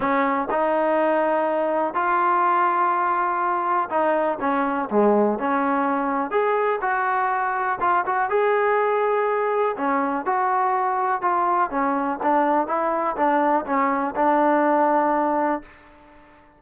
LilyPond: \new Staff \with { instrumentName = "trombone" } { \time 4/4 \tempo 4 = 123 cis'4 dis'2. | f'1 | dis'4 cis'4 gis4 cis'4~ | cis'4 gis'4 fis'2 |
f'8 fis'8 gis'2. | cis'4 fis'2 f'4 | cis'4 d'4 e'4 d'4 | cis'4 d'2. | }